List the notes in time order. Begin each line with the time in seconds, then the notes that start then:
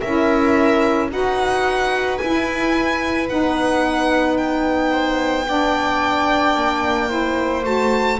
0.00 C#4 E4 A#4 E5
1.10 D#4 F#4 B4 F#5
2.17 E4 G#5
3.27 B3 D#4 F#5
4.37 G5
4.92 C5
5.46 D4 D5
6.55 A#3
7.08 E4 C5
7.63 A3 F#4 A5